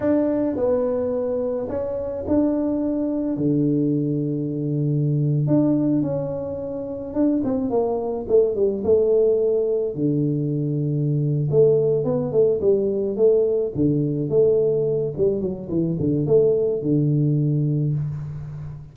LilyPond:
\new Staff \with { instrumentName = "tuba" } { \time 4/4 \tempo 4 = 107 d'4 b2 cis'4 | d'2 d2~ | d4.~ d16 d'4 cis'4~ cis'16~ | cis'8. d'8 c'8 ais4 a8 g8 a16~ |
a4.~ a16 d2~ d16~ | d8 a4 b8 a8 g4 a8~ | a8 d4 a4. g8 fis8 | e8 d8 a4 d2 | }